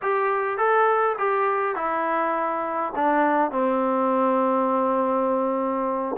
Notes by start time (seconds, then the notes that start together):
0.02 G4
0.57 A4
1.18 G4
1.75 E4
2.95 D4
3.51 C4